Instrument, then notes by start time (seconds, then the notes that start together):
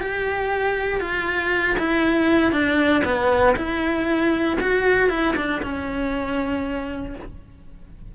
cello
0.00 G4
1.00 F4
1.78 E4
2.52 D4
3.04 B3
3.56 E4
4.60 F#4
5.09 E4
5.36 D4
5.62 C#4